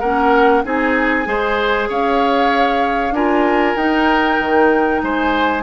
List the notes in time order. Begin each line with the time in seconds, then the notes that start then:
0.00 A#3 C#4 A#4 F#5
0.64 C4 D#4 G#4 G#5
1.25 G#3 G#4 C5
1.89 C#4 C#5 F5
3.11 D4 F4 A#4 G#5
3.76 D#4 G5
4.40 D#3
5.03 G#3 C5 G#5